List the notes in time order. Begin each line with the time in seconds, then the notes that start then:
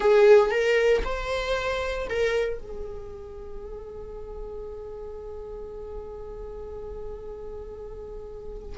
0.00 G#4
0.51 A#4
1.04 C5
2.09 A#4
2.58 G#4